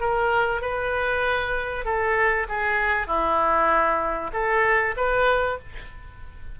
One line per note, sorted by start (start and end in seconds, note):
0.00 0.61 A#4
0.61 1.85 B4
1.85 2.47 A4
2.48 3.07 G#4
3.07 4.30 E4
4.33 4.95 A4
4.96 5.58 B4